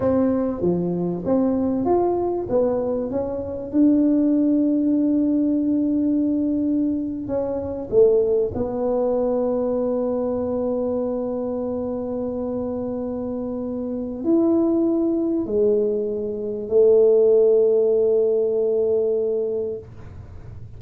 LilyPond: \new Staff \with { instrumentName = "tuba" } { \time 4/4 \tempo 4 = 97 c'4 f4 c'4 f'4 | b4 cis'4 d'2~ | d'2.~ d'8. cis'16~ | cis'8. a4 b2~ b16~ |
b1~ | b2. e'4~ | e'4 gis2 a4~ | a1 | }